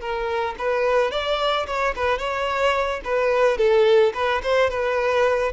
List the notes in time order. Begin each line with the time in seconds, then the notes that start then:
0.00 A#4
0.58 B4
1.11 D5
1.66 C#5
1.95 B4
2.18 C#5
3.04 B4
3.58 A4
4.14 B4
4.43 C5
4.70 B4